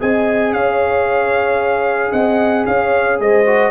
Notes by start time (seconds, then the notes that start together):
0.00 C4 G#4 D#5 G#5
0.52 C#4 C#5 F5
2.12 C4 D#5 F#5
2.66 C#4 C#5 F5
3.19 G#3 C5 D#5
3.46 F#4